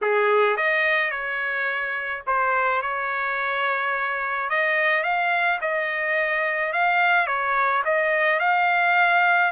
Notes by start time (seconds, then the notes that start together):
0.01 G#4
0.56 D#5
1.10 C#5
2.26 C5
2.81 C#5
4.49 D#5
5.03 F5
5.61 D#5
6.72 F5
7.26 C#5
7.85 D#5
8.39 F5